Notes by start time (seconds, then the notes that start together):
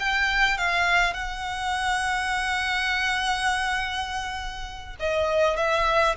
0.00 G5
0.58 F5
1.14 F#5
5.00 D#5
5.57 E5